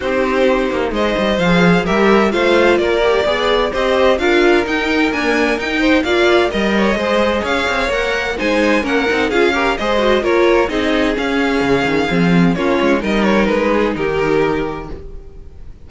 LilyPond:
<<
  \new Staff \with { instrumentName = "violin" } { \time 4/4 \tempo 4 = 129 c''2 dis''4 f''4 | e''4 f''4 d''2 | dis''4 f''4 g''4 gis''4 | g''4 f''4 dis''2 |
f''4 fis''4 gis''4 fis''4 | f''4 dis''4 cis''4 dis''4 | f''2. cis''4 | dis''8 cis''8 b'4 ais'2 | }
  \new Staff \with { instrumentName = "violin" } { \time 4/4 g'2 c''2 | ais'4 c''4 ais'4 d''4 | c''4 ais'2.~ | ais'8 c''8 d''4 dis''8 cis''8 c''4 |
cis''2 c''4 ais'4 | gis'8 ais'8 c''4 ais'4 gis'4~ | gis'2. f'4 | ais'4. gis'8 g'2 | }
  \new Staff \with { instrumentName = "viola" } { \time 4/4 dis'2. gis'4 | g'4 f'4. g'8 gis'4 | g'4 f'4 dis'4 ais4 | dis'4 f'4 ais'4 gis'4~ |
gis'4 ais'4 dis'4 cis'8 dis'8 | f'8 g'8 gis'8 fis'8 f'4 dis'4 | cis'2 c'4 cis'4 | dis'1 | }
  \new Staff \with { instrumentName = "cello" } { \time 4/4 c'4. ais8 gis8 g8 f4 | g4 a4 ais4 b4 | c'4 d'4 dis'4 d'4 | dis'4 ais4 g4 gis4 |
cis'8 c'8 ais4 gis4 ais8 c'8 | cis'4 gis4 ais4 c'4 | cis'4 cis8 dis8 f4 ais8 gis8 | g4 gis4 dis2 | }
>>